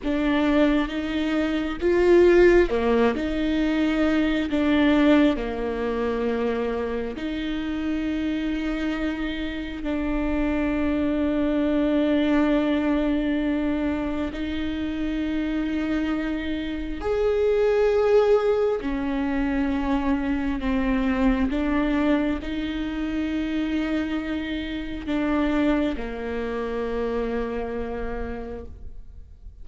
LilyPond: \new Staff \with { instrumentName = "viola" } { \time 4/4 \tempo 4 = 67 d'4 dis'4 f'4 ais8 dis'8~ | dis'4 d'4 ais2 | dis'2. d'4~ | d'1 |
dis'2. gis'4~ | gis'4 cis'2 c'4 | d'4 dis'2. | d'4 ais2. | }